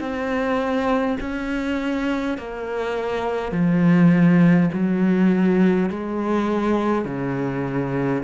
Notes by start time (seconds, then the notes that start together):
0.00 C4
1.20 C#4
2.38 A#3
3.52 F3
4.73 F#3
5.90 G#3
7.05 C#3